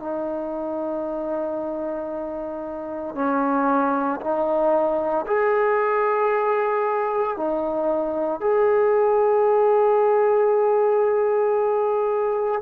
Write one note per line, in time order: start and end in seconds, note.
0.00 3.15 D#4
3.15 4.20 C#4
4.21 5.26 D#4
5.27 7.37 G#4
7.37 8.41 D#4
8.41 12.62 G#4